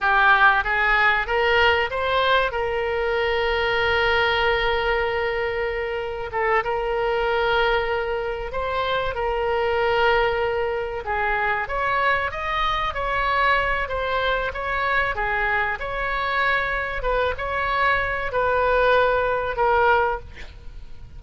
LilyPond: \new Staff \with { instrumentName = "oboe" } { \time 4/4 \tempo 4 = 95 g'4 gis'4 ais'4 c''4 | ais'1~ | ais'2 a'8 ais'4.~ | ais'4. c''4 ais'4.~ |
ais'4. gis'4 cis''4 dis''8~ | dis''8 cis''4. c''4 cis''4 | gis'4 cis''2 b'8 cis''8~ | cis''4 b'2 ais'4 | }